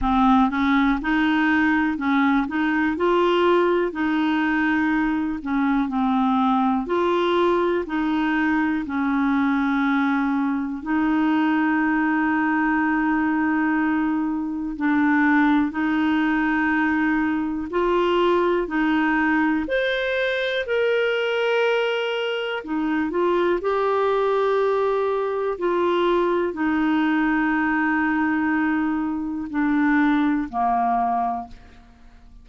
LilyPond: \new Staff \with { instrumentName = "clarinet" } { \time 4/4 \tempo 4 = 61 c'8 cis'8 dis'4 cis'8 dis'8 f'4 | dis'4. cis'8 c'4 f'4 | dis'4 cis'2 dis'4~ | dis'2. d'4 |
dis'2 f'4 dis'4 | c''4 ais'2 dis'8 f'8 | g'2 f'4 dis'4~ | dis'2 d'4 ais4 | }